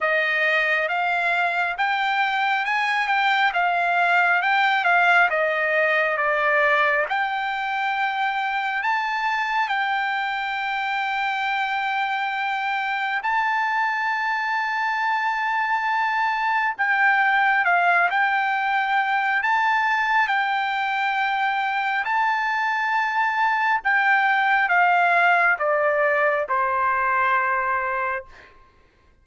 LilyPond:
\new Staff \with { instrumentName = "trumpet" } { \time 4/4 \tempo 4 = 68 dis''4 f''4 g''4 gis''8 g''8 | f''4 g''8 f''8 dis''4 d''4 | g''2 a''4 g''4~ | g''2. a''4~ |
a''2. g''4 | f''8 g''4. a''4 g''4~ | g''4 a''2 g''4 | f''4 d''4 c''2 | }